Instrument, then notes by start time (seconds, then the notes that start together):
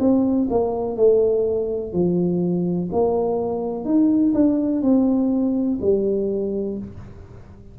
tuba
0.00 C4
0.50 A#3
0.97 A3
1.93 F3
2.92 A#3
3.85 D#4
4.34 D4
4.82 C4
5.82 G3